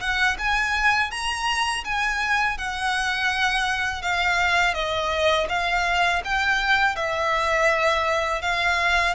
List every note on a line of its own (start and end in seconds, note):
0.00 0.37 F#5
0.38 1.11 G#5
1.11 1.84 A#5
1.84 2.57 G#5
2.57 4.02 F#5
4.02 4.74 F5
4.74 5.47 D#5
5.49 6.22 F5
6.24 6.95 G5
6.95 8.41 E5
8.41 9.15 F5